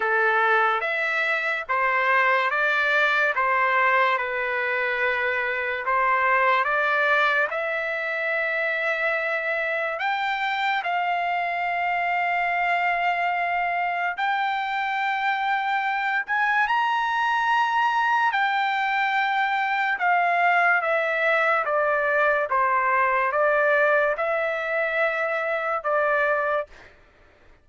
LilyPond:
\new Staff \with { instrumentName = "trumpet" } { \time 4/4 \tempo 4 = 72 a'4 e''4 c''4 d''4 | c''4 b'2 c''4 | d''4 e''2. | g''4 f''2.~ |
f''4 g''2~ g''8 gis''8 | ais''2 g''2 | f''4 e''4 d''4 c''4 | d''4 e''2 d''4 | }